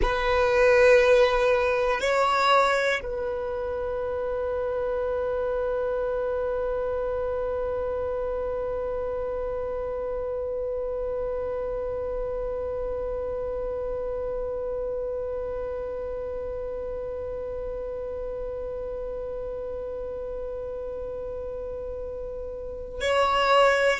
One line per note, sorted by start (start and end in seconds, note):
0.01 2.00 B4
2.00 3.00 C#5
3.02 23.00 B4
23.00 24.00 C#5